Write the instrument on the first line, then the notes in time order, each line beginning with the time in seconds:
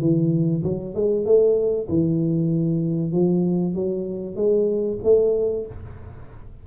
tuba
0.00 E3
0.63 F#3
0.94 G#3
1.25 A3
1.88 E3
3.12 F3
3.74 F#3
4.35 G#3
5.03 A3